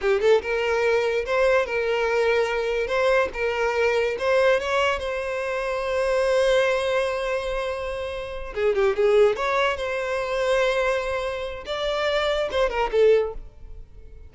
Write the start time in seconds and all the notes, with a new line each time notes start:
0.01 G4
0.20 A4
0.41 A#4
1.25 C5
1.66 A#4
2.87 C5
3.33 A#4
4.18 C5
4.60 C#5
4.99 C5
8.54 G#4
8.75 G4
8.96 G#4
9.35 C#5
9.76 C5
11.66 D5
12.51 C5
12.69 A#4
12.91 A4